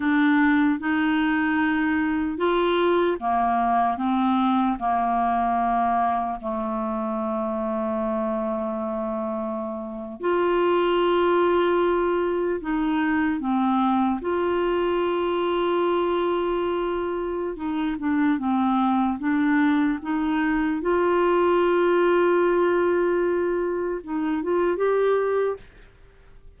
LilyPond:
\new Staff \with { instrumentName = "clarinet" } { \time 4/4 \tempo 4 = 75 d'4 dis'2 f'4 | ais4 c'4 ais2 | a1~ | a8. f'2. dis'16~ |
dis'8. c'4 f'2~ f'16~ | f'2 dis'8 d'8 c'4 | d'4 dis'4 f'2~ | f'2 dis'8 f'8 g'4 | }